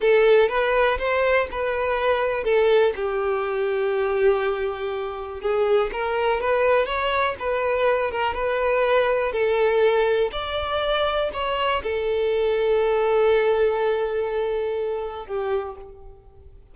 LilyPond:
\new Staff \with { instrumentName = "violin" } { \time 4/4 \tempo 4 = 122 a'4 b'4 c''4 b'4~ | b'4 a'4 g'2~ | g'2. gis'4 | ais'4 b'4 cis''4 b'4~ |
b'8 ais'8 b'2 a'4~ | a'4 d''2 cis''4 | a'1~ | a'2. g'4 | }